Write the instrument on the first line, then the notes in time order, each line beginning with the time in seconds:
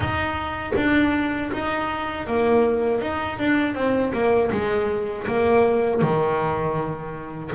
double bass
0.00 D#4
0.76 D4
1.52 D#4
2.27 A#3
3.01 D#4
3.39 D4
3.74 C4
4.13 A#3
4.51 G#3
5.27 A#3
6.01 D#3